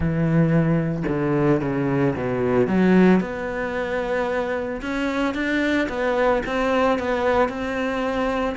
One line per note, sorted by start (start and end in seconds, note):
0.00 1.03 E3
1.08 1.61 D3
1.61 2.15 C#3
2.16 2.67 B2
2.67 3.20 F#3
3.20 4.81 B3
4.81 5.34 C#4
5.34 5.88 D4
5.88 6.42 B3
6.46 6.99 C4
6.99 7.48 B3
7.48 8.55 C4